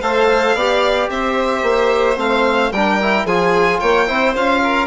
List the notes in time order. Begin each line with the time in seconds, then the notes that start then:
0.00 A3 A4 C5 F5
0.54 B3 G4 D5
1.09 C4 C5 E5
1.62 A#3
2.16 A3 C4 F5
2.71 G3 D4 A#4 G5
3.01 E4
3.25 F3 F4 G#4 G#5
3.80 A#3 C#5 G5
4.06 C4 E4 C5
4.34 C#4 F4 F5
4.63 A#4